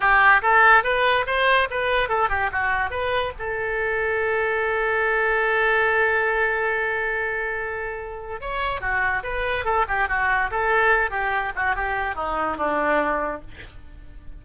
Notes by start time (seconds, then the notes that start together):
0.00 G4
0.42 A4
0.83 B4
1.26 C5
1.70 B4
2.08 A4
2.29 G4
2.52 F#4
2.90 B4
3.38 A4
8.40 C#5
8.81 F#4
9.23 B4
9.64 A4
9.88 G4
10.08 F#4
10.50 A4
11.10 G4
11.55 F#4
11.75 G4
12.15 D#4
12.57 D4